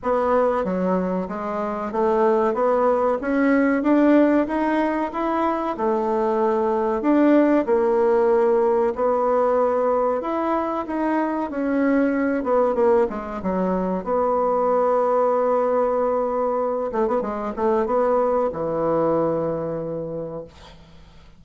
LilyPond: \new Staff \with { instrumentName = "bassoon" } { \time 4/4 \tempo 4 = 94 b4 fis4 gis4 a4 | b4 cis'4 d'4 dis'4 | e'4 a2 d'4 | ais2 b2 |
e'4 dis'4 cis'4. b8 | ais8 gis8 fis4 b2~ | b2~ b8 a16 b16 gis8 a8 | b4 e2. | }